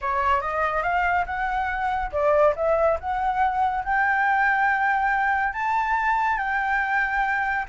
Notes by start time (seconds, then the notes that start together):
0.01 C#5
0.41 D#5
0.82 F5
1.26 F#5
2.12 D5
2.56 E5
3.00 F#5
3.84 G5
5.53 A5
6.37 G5